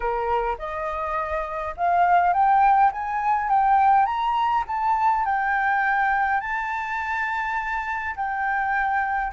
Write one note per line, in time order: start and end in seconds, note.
0.00 0.56 A#4
0.58 1.74 D#5
1.76 2.33 F5
2.33 2.91 G5
2.92 3.49 G#5
3.49 4.05 G5
4.05 4.63 A#5
4.67 5.25 A5
5.25 6.40 G5
6.40 8.15 A5
8.16 9.32 G5